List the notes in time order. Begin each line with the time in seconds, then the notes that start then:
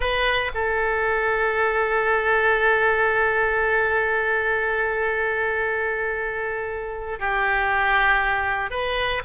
0.00 B4
0.54 A4
7.19 G4
8.70 B4